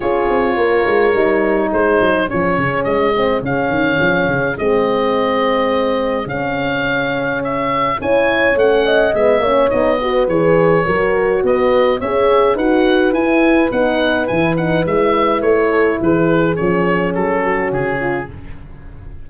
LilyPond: <<
  \new Staff \with { instrumentName = "oboe" } { \time 4/4 \tempo 4 = 105 cis''2. c''4 | cis''4 dis''4 f''2 | dis''2. f''4~ | f''4 e''4 gis''4 fis''4 |
e''4 dis''4 cis''2 | dis''4 e''4 fis''4 gis''4 | fis''4 gis''8 fis''8 e''4 cis''4 | b'4 cis''4 a'4 gis'4 | }
  \new Staff \with { instrumentName = "horn" } { \time 4/4 gis'4 ais'2 gis'4~ | gis'1~ | gis'1~ | gis'2 cis''4. dis''8~ |
dis''8 cis''4 b'4. ais'4 | b'4 cis''4 b'2~ | b'2.~ b'8 a'8 | gis'2~ gis'8 fis'4 f'8 | }
  \new Staff \with { instrumentName = "horn" } { \time 4/4 f'2 dis'2 | cis'4. c'8 cis'2 | c'2. cis'4~ | cis'2 e'4 cis'4 |
b8 cis'8 dis'8 fis'8 gis'4 fis'4~ | fis'4 gis'4 fis'4 e'4 | dis'4 e'8 dis'8 e'2~ | e'4 cis'2. | }
  \new Staff \with { instrumentName = "tuba" } { \time 4/4 cis'8 c'8 ais8 gis8 g4 gis8 fis8 | f8 cis8 gis4 cis8 dis8 f8 cis8 | gis2. cis4~ | cis2 cis'4 a4 |
gis8 ais8 b4 e4 fis4 | b4 cis'4 dis'4 e'4 | b4 e4 gis4 a4 | e4 f4 fis4 cis4 | }
>>